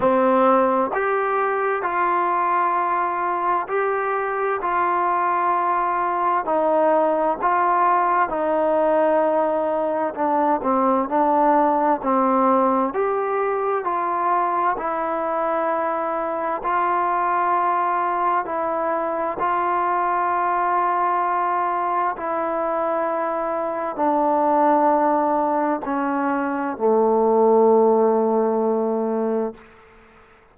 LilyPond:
\new Staff \with { instrumentName = "trombone" } { \time 4/4 \tempo 4 = 65 c'4 g'4 f'2 | g'4 f'2 dis'4 | f'4 dis'2 d'8 c'8 | d'4 c'4 g'4 f'4 |
e'2 f'2 | e'4 f'2. | e'2 d'2 | cis'4 a2. | }